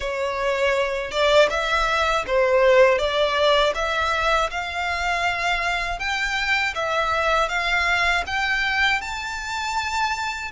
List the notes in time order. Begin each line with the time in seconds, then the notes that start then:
0.00 C#5
1.11 D5
1.50 E5
2.26 C5
2.98 D5
3.75 E5
4.50 F5
5.99 G5
6.74 E5
7.48 F5
8.26 G5
9.01 A5